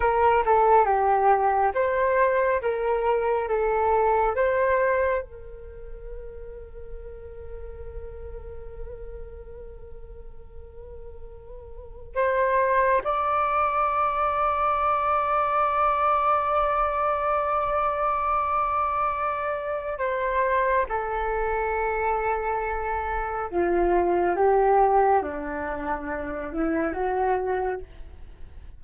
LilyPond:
\new Staff \with { instrumentName = "flute" } { \time 4/4 \tempo 4 = 69 ais'8 a'8 g'4 c''4 ais'4 | a'4 c''4 ais'2~ | ais'1~ | ais'2 c''4 d''4~ |
d''1~ | d''2. c''4 | a'2. f'4 | g'4 d'4. e'8 fis'4 | }